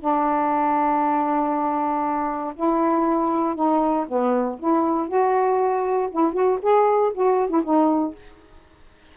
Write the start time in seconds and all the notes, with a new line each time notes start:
0.00 D4
2.55 E4
3.55 D#4
4.08 B3
4.59 E4
5.08 F#4
6.11 E4
6.33 F#4
6.62 G#4
7.14 F#4
7.50 E4
7.64 D#4